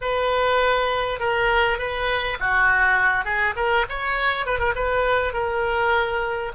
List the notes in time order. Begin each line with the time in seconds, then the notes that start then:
0.01 B4
1.19 A#4
1.78 B4
2.40 F#4
3.24 G#4
3.55 A#4
3.89 C#5
4.46 B4
4.59 A#4
4.75 B4
5.33 A#4